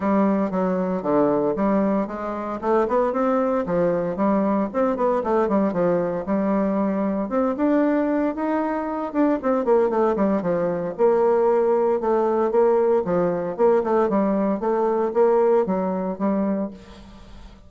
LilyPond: \new Staff \with { instrumentName = "bassoon" } { \time 4/4 \tempo 4 = 115 g4 fis4 d4 g4 | gis4 a8 b8 c'4 f4 | g4 c'8 b8 a8 g8 f4 | g2 c'8 d'4. |
dis'4. d'8 c'8 ais8 a8 g8 | f4 ais2 a4 | ais4 f4 ais8 a8 g4 | a4 ais4 fis4 g4 | }